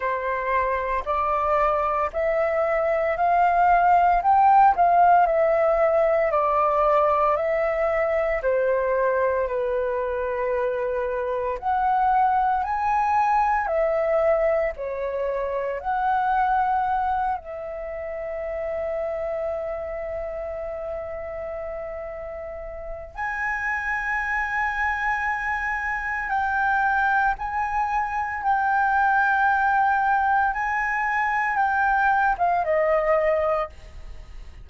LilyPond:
\new Staff \with { instrumentName = "flute" } { \time 4/4 \tempo 4 = 57 c''4 d''4 e''4 f''4 | g''8 f''8 e''4 d''4 e''4 | c''4 b'2 fis''4 | gis''4 e''4 cis''4 fis''4~ |
fis''8 e''2.~ e''8~ | e''2 gis''2~ | gis''4 g''4 gis''4 g''4~ | g''4 gis''4 g''8. f''16 dis''4 | }